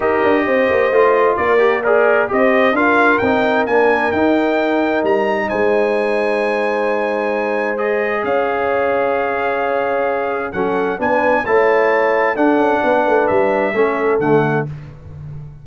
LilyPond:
<<
  \new Staff \with { instrumentName = "trumpet" } { \time 4/4 \tempo 4 = 131 dis''2. d''4 | ais'4 dis''4 f''4 g''4 | gis''4 g''2 ais''4 | gis''1~ |
gis''4 dis''4 f''2~ | f''2. fis''4 | gis''4 a''2 fis''4~ | fis''4 e''2 fis''4 | }
  \new Staff \with { instrumentName = "horn" } { \time 4/4 ais'4 c''2 ais'4 | d''4 c''4 ais'2~ | ais'1 | c''1~ |
c''2 cis''2~ | cis''2. a'4 | b'4 cis''2 a'4 | b'2 a'2 | }
  \new Staff \with { instrumentName = "trombone" } { \time 4/4 g'2 f'4. g'8 | gis'4 g'4 f'4 dis'4 | d'4 dis'2.~ | dis'1~ |
dis'4 gis'2.~ | gis'2. cis'4 | d'4 e'2 d'4~ | d'2 cis'4 a4 | }
  \new Staff \with { instrumentName = "tuba" } { \time 4/4 dis'8 d'8 c'8 ais8 a4 ais4~ | ais4 c'4 d'4 c'4 | ais4 dis'2 g4 | gis1~ |
gis2 cis'2~ | cis'2. fis4 | b4 a2 d'8 cis'8 | b8 a8 g4 a4 d4 | }
>>